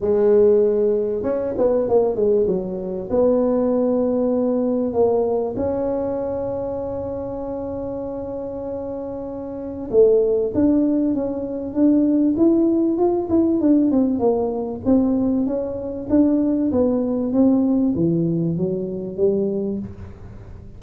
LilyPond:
\new Staff \with { instrumentName = "tuba" } { \time 4/4 \tempo 4 = 97 gis2 cis'8 b8 ais8 gis8 | fis4 b2. | ais4 cis'2.~ | cis'1 |
a4 d'4 cis'4 d'4 | e'4 f'8 e'8 d'8 c'8 ais4 | c'4 cis'4 d'4 b4 | c'4 e4 fis4 g4 | }